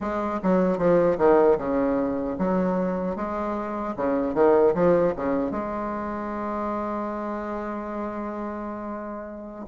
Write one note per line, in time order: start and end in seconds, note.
0.00 0.40 G#3
0.43 0.78 F#3
0.78 1.17 F3
1.18 1.57 D#3
1.58 2.36 C#3
2.38 3.15 F#3
3.15 3.94 G#3
3.96 4.34 C#3
4.34 4.74 D#3
4.74 5.13 F3
5.15 5.51 C#3
5.51 9.65 G#3